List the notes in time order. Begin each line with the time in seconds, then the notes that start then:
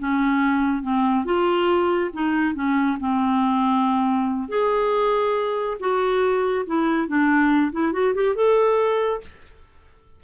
0.00 C#4
0.83 C4
1.25 F4
2.14 D#4
2.55 C#4
3.00 C4
4.49 G#4
5.80 F#4
6.67 E4
7.08 D4
7.73 E4
7.93 F#4
8.15 G4
8.36 A4